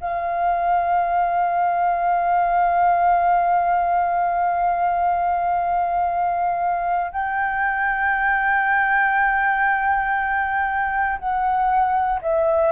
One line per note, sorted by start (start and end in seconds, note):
0.00 7.12 F5
7.12 11.19 G5
11.19 12.20 F#5
12.21 12.72 E5